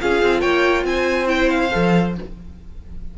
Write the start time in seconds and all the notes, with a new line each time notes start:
0.00 C#4 F4 G#4 F5
0.22 C4
0.41 A#3 C#5 G5
0.84 C4 C5 G#5
1.27 E4 G5
1.50 F5
1.72 F3 A4